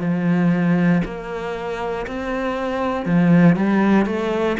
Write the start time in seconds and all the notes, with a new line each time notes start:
0.00 F3
1.04 A#3
2.07 C4
3.05 F3
3.56 G3
4.06 A3